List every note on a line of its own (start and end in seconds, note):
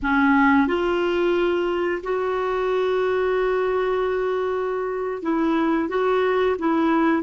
0.02 0.67 C#4
0.67 2.02 F4
2.03 5.22 F#4
5.22 5.88 E4
5.88 6.56 F#4
6.59 7.23 E4